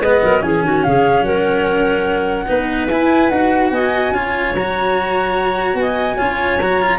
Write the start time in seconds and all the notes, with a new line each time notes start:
0.00 G#3 B3 B4 D#5
0.23 F#3 A#4
0.40 E3 C#4 G#4 G#5
0.63 D#3 F#4
0.84 C#3 G#4 F5
1.21 F#3 A#4 F#5
2.47 B3 D#4 B4
2.88 E4 G#5
3.29 D#4 F#4 F#5
3.71 B3 D#5 G#5
4.11 C#4 F4 C#5
4.54 F#3 F#4 A#5
5.74 B3 G#5
5.82 D#5
6.17 C#4 F4 C#5
6.60 F#3 F#4 A#5
6.81 F4